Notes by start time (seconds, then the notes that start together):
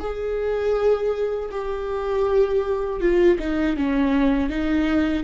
0.00 G#4
1.51 G4
3.01 F4
3.39 D#4
3.77 C#4
4.50 D#4